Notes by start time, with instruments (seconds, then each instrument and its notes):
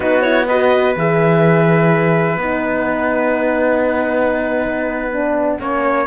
0.00 cello B3, horn D#4, trumpet F#4, clarinet B4
0.21 horn E4, clarinet C#5
0.47 horn F#4, trumpet B4, clarinet D#5
0.96 cello E3, horn G#4, clarinet E5
2.37 cello B3, horn D#4, clarinet F#5
5.12 horn D4
5.59 cello A#3, horn C#4, trumpet C#5